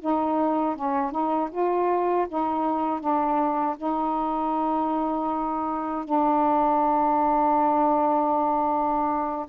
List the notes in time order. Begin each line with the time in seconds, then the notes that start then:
0.00 D#4
0.76 C#4
1.11 D#4
1.51 F4
2.29 D#4
3.00 D4
3.77 D#4
6.04 D4